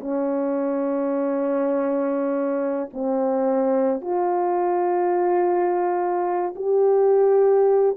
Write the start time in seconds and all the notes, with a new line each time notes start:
0.00 C#4
2.93 C4
4.01 F4
6.55 G4